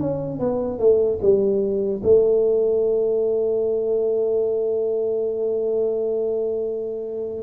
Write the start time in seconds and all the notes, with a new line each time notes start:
0.00 C#4
0.40 B3
0.79 A3
1.22 G3
2.04 A3